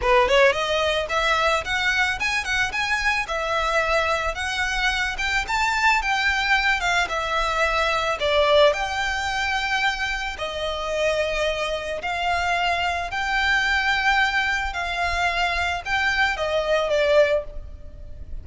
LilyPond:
\new Staff \with { instrumentName = "violin" } { \time 4/4 \tempo 4 = 110 b'8 cis''8 dis''4 e''4 fis''4 | gis''8 fis''8 gis''4 e''2 | fis''4. g''8 a''4 g''4~ | g''8 f''8 e''2 d''4 |
g''2. dis''4~ | dis''2 f''2 | g''2. f''4~ | f''4 g''4 dis''4 d''4 | }